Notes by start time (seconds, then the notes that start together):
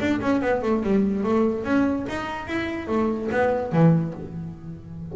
0.00 D4
0.21 C#4
0.41 B3
0.62 A3
0.83 G3
1.24 A3
1.64 C#4
2.09 D#4
2.47 E4
2.87 A3
3.31 B3
3.72 E3